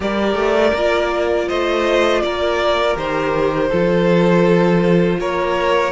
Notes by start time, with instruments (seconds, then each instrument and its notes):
0.00 cello G3, viola G4, violin A#4 D5
0.34 cello A3
0.74 cello A#3, viola F4
1.48 cello A3, violin C5 D#5
2.22 cello A#3, violin A#4 D5
2.96 cello D#3, viola G4, violin C5
3.69 cello F3, viola F4, violin A4
5.19 cello A#3, violin A#4 C#5